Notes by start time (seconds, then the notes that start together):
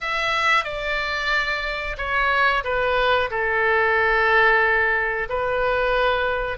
0.01 E5
0.64 D5
1.97 C#5
2.64 B4
3.30 A4
5.29 B4